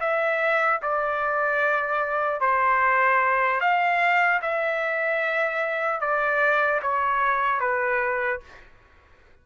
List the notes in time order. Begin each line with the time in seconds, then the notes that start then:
0.00 E5
0.82 D5
2.40 C5
3.61 F5
4.42 E5
6.01 D5
6.82 C#5
7.60 B4